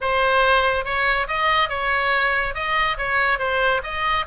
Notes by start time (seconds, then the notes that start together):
0.00 C5
0.84 C#5
1.27 D#5
1.69 C#5
2.54 D#5
2.97 C#5
3.38 C5
3.83 D#5